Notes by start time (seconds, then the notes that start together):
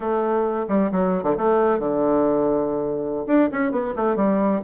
0.00 A3
0.68 G3
0.91 F#3
1.23 D3
1.37 A3
1.79 D3
3.27 D4
3.51 C#4
3.71 B3
3.96 A3
4.15 G3